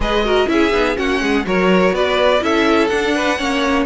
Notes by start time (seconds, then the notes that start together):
0.00 G#3 G#4 B4 D#5
0.24 F#4 A#4
0.46 C#4 E4 G#4 E5
0.72 B3 D#4
0.95 A#3 C#4 F#4 F#5
1.21 G#3 G#4
1.45 F#3 F#4 A#4 C#5
1.91 B3 B4 D5
2.40 C#4 E4 A4 E5
2.87 D4 F#5
3.15 B4
3.37 A#3 C#4 C#5